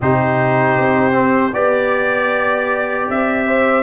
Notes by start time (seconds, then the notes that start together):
0.00 C3 D#4 G4 C5
0.77 C4
1.12 C4
1.53 B3 G4 D5
3.09 C4 E5
3.46 C5